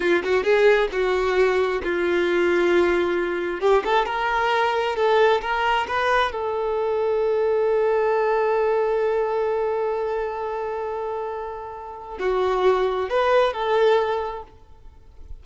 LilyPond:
\new Staff \with { instrumentName = "violin" } { \time 4/4 \tempo 4 = 133 f'8 fis'8 gis'4 fis'2 | f'1 | g'8 a'8 ais'2 a'4 | ais'4 b'4 a'2~ |
a'1~ | a'1~ | a'2. fis'4~ | fis'4 b'4 a'2 | }